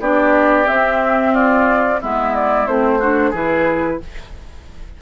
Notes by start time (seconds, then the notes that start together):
0.00 B3 D4 G4 D5
0.65 C4 E5
1.33 F4 D5
2.01 G#3 B3 E4 E5
2.36 D5
2.67 A3 C4 C5
2.99 D4 F#4
3.30 E3 E4 G#4 B4